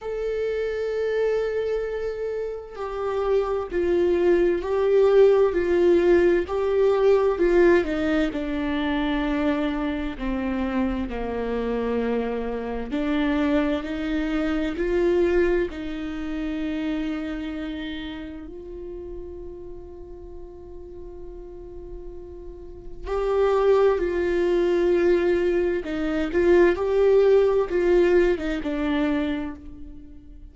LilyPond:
\new Staff \with { instrumentName = "viola" } { \time 4/4 \tempo 4 = 65 a'2. g'4 | f'4 g'4 f'4 g'4 | f'8 dis'8 d'2 c'4 | ais2 d'4 dis'4 |
f'4 dis'2. | f'1~ | f'4 g'4 f'2 | dis'8 f'8 g'4 f'8. dis'16 d'4 | }